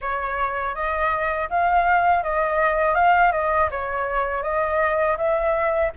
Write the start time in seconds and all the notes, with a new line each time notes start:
0.01 C#5
0.74 D#5
1.49 F5
2.23 D#5
2.95 F5
3.32 D#5
3.70 C#5
4.42 D#5
5.17 E5